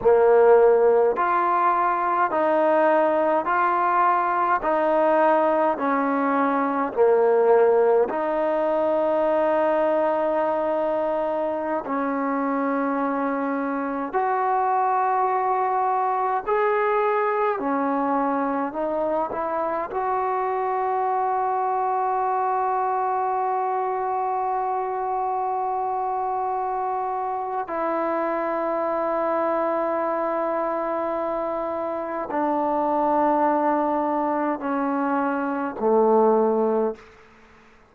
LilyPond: \new Staff \with { instrumentName = "trombone" } { \time 4/4 \tempo 4 = 52 ais4 f'4 dis'4 f'4 | dis'4 cis'4 ais4 dis'4~ | dis'2~ dis'16 cis'4.~ cis'16~ | cis'16 fis'2 gis'4 cis'8.~ |
cis'16 dis'8 e'8 fis'2~ fis'8.~ | fis'1 | e'1 | d'2 cis'4 a4 | }